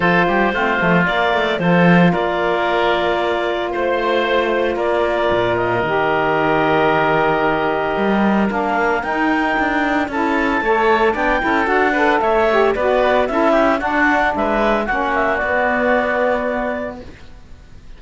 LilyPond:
<<
  \new Staff \with { instrumentName = "clarinet" } { \time 4/4 \tempo 4 = 113 c''2 d''4 c''4 | d''2. c''4~ | c''4 d''4. dis''4.~ | dis''1 |
f''4 g''2 a''4~ | a''4 g''4 fis''4 e''4 | d''4 e''4 fis''4 e''4 | fis''8 e''8 d''2. | }
  \new Staff \with { instrumentName = "oboe" } { \time 4/4 a'8 g'8 f'2 a'4 | ais'2. c''4~ | c''4 ais'2.~ | ais'1~ |
ais'2. a'4 | cis''4 d''8 a'4 b'8 cis''4 | b'4 a'8 g'8 fis'4 b'4 | fis'1 | }
  \new Staff \with { instrumentName = "saxophone" } { \time 4/4 f'4 c'8 a8 ais4 f'4~ | f'1~ | f'2. g'4~ | g'1 |
d'4 dis'2 e'4 | a'4 d'8 e'8 fis'8 a'4 g'8 | fis'4 e'4 d'2 | cis'4 b2. | }
  \new Staff \with { instrumentName = "cello" } { \time 4/4 f8 g8 a8 f8 ais8 a8 f4 | ais2. a4~ | a4 ais4 ais,4 dis4~ | dis2. g4 |
ais4 dis'4 d'4 cis'4 | a4 b8 cis'8 d'4 a4 | b4 cis'4 d'4 gis4 | ais4 b2. | }
>>